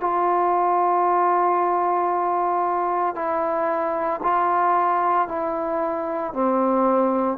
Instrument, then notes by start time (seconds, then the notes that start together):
trombone
0.00 F4
3.14 E4
4.22 F4
5.28 E4
6.33 C4